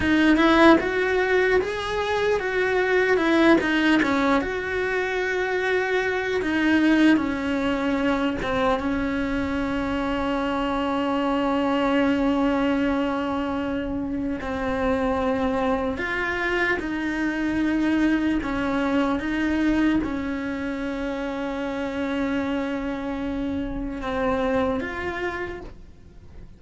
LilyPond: \new Staff \with { instrumentName = "cello" } { \time 4/4 \tempo 4 = 75 dis'8 e'8 fis'4 gis'4 fis'4 | e'8 dis'8 cis'8 fis'2~ fis'8 | dis'4 cis'4. c'8 cis'4~ | cis'1~ |
cis'2 c'2 | f'4 dis'2 cis'4 | dis'4 cis'2.~ | cis'2 c'4 f'4 | }